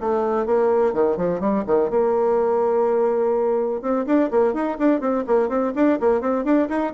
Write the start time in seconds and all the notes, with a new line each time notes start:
0.00 A3
0.45 A#3
0.93 D#3
1.17 F3
1.40 G3
1.66 D#3
1.90 A#3
3.81 C4
4.06 D4
4.30 A#3
4.53 D#4
4.78 D4
5.00 C4
5.26 A#3
5.49 C4
5.75 D4
6.00 A#3
6.20 C4
6.44 D4
6.69 D#4